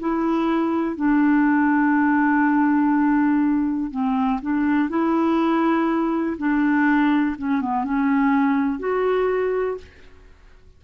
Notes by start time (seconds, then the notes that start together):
0.00 E4
0.96 D4
3.91 C4
4.42 D4
4.90 E4
6.38 D4
7.39 C#4
7.61 B3
7.84 C#4
8.79 F#4